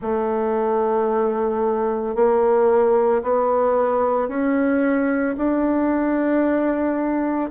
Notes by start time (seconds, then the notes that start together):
0.01 A3
2.15 A#3
3.22 B3
4.28 C#4
5.37 D4